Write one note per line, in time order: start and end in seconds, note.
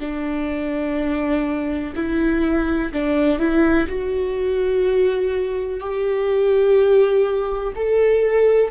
0.00 1.94 D4
1.95 2.92 E4
2.93 3.39 D4
3.39 3.87 E4
3.88 5.79 F#4
5.79 7.73 G4
7.75 8.70 A4